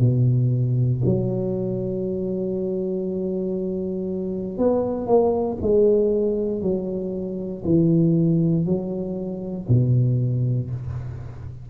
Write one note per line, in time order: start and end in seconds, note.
0.00 1.02 B2
1.05 4.58 F#3
4.58 5.07 B3
5.07 5.58 A#3
5.62 6.62 G#3
6.62 7.64 F#3
7.65 8.66 E3
8.66 9.67 F#3
9.69 10.71 B2